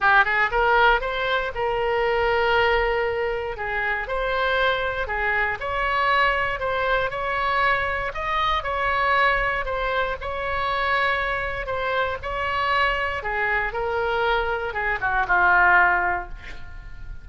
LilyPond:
\new Staff \with { instrumentName = "oboe" } { \time 4/4 \tempo 4 = 118 g'8 gis'8 ais'4 c''4 ais'4~ | ais'2. gis'4 | c''2 gis'4 cis''4~ | cis''4 c''4 cis''2 |
dis''4 cis''2 c''4 | cis''2. c''4 | cis''2 gis'4 ais'4~ | ais'4 gis'8 fis'8 f'2 | }